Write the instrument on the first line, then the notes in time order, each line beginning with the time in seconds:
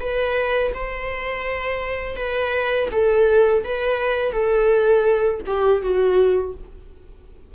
viola
0.00 B4
0.74 C5
2.16 B4
2.91 A4
3.64 B4
4.32 A4
5.46 G4
5.82 F#4